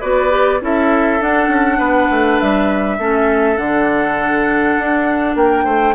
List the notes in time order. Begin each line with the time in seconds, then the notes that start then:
0.00 B3 F#4 B4 D5
0.30 G4
0.61 C#4 E4 A4 E5
1.20 D4 F#5
1.48 C#4
1.78 B3 B4
2.10 A3
2.39 G3 E5
2.98 A3 C#4 A4
3.56 D3 D4 F#5
4.78 D4
5.35 A#3 A#4 G5
5.64 A3 C5